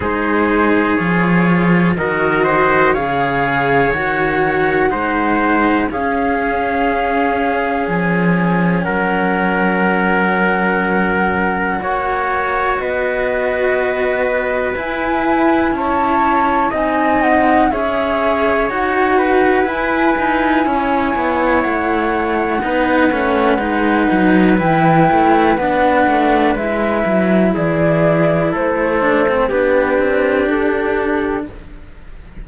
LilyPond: <<
  \new Staff \with { instrumentName = "flute" } { \time 4/4 \tempo 4 = 61 c''4 cis''4 dis''4 f''4 | fis''2 f''2 | gis''4 fis''2.~ | fis''4 dis''2 gis''4 |
a''4 gis''8 fis''8 e''4 fis''4 | gis''2 fis''2~ | fis''4 g''4 fis''4 e''4 | d''4 c''4 b'4 a'4 | }
  \new Staff \with { instrumentName = "trumpet" } { \time 4/4 gis'2 ais'8 c''8 cis''4~ | cis''4 c''4 gis'2~ | gis'4 ais'2. | cis''4 b'2. |
cis''4 dis''4 cis''4. b'8~ | b'4 cis''2 b'4~ | b'1 | gis'4 a'4 g'2 | }
  \new Staff \with { instrumentName = "cello" } { \time 4/4 dis'4 f'4 fis'4 gis'4 | fis'4 dis'4 cis'2~ | cis'1 | fis'2. e'4~ |
e'4 dis'4 gis'4 fis'4 | e'2. dis'8 cis'8 | dis'4 e'4 d'4 e'4~ | e'4. d'16 c'16 d'2 | }
  \new Staff \with { instrumentName = "cello" } { \time 4/4 gis4 f4 dis4 cis4 | dis4 gis4 cis'2 | f4 fis2. | ais4 b2 e'4 |
cis'4 c'4 cis'4 dis'4 | e'8 dis'8 cis'8 b8 a4 b8 a8 | gis8 fis8 e8 a8 b8 a8 gis8 fis8 | e4 a4 b8 c'8 d'4 | }
>>